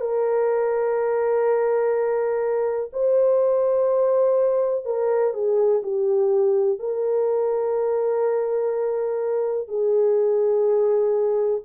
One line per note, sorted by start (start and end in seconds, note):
0.00 2.90 A#4
2.93 4.85 C5
4.85 5.34 A#4
5.34 5.82 G#4
5.83 6.79 G4
6.79 9.68 A#4
9.68 11.62 G#4